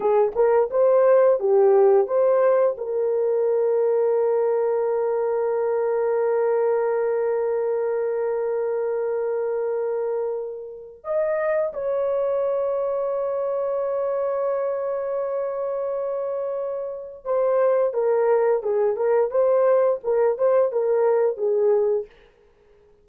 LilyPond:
\new Staff \with { instrumentName = "horn" } { \time 4/4 \tempo 4 = 87 gis'8 ais'8 c''4 g'4 c''4 | ais'1~ | ais'1~ | ais'1 |
dis''4 cis''2.~ | cis''1~ | cis''4 c''4 ais'4 gis'8 ais'8 | c''4 ais'8 c''8 ais'4 gis'4 | }